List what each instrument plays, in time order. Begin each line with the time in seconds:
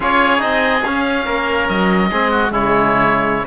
0.00 cello C#4, trombone F4, oboe G#4 C#5
0.38 cello C4, trombone D#4, oboe D#5
0.83 cello C#4, trombone C#4, oboe F5
1.25 cello A#3, oboe A#4
1.68 cello F#3, oboe D#5
2.10 cello G#3, trombone C4, oboe G#4
2.31 oboe F#4
2.50 cello C#3, trombone G#3, oboe E4 C#5